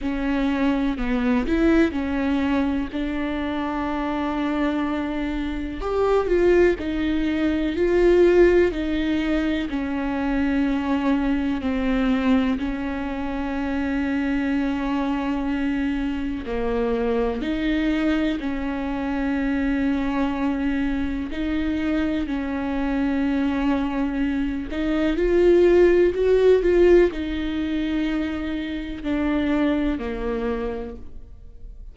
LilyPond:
\new Staff \with { instrumentName = "viola" } { \time 4/4 \tempo 4 = 62 cis'4 b8 e'8 cis'4 d'4~ | d'2 g'8 f'8 dis'4 | f'4 dis'4 cis'2 | c'4 cis'2.~ |
cis'4 ais4 dis'4 cis'4~ | cis'2 dis'4 cis'4~ | cis'4. dis'8 f'4 fis'8 f'8 | dis'2 d'4 ais4 | }